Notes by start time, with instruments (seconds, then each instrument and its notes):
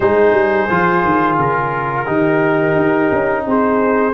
0.00 tuba G#3, trombone D#4, horn G#4, trumpet C5
0.32 tuba G3
0.69 tuba F3, trombone F4
1.04 tuba D#3
1.38 tuba C#3, trumpet A#4
2.05 tuba D#3, trombone D#4, horn G4
2.75 tuba D#4
3.11 tuba C#4
3.46 tuba C4, horn G#4, trumpet C5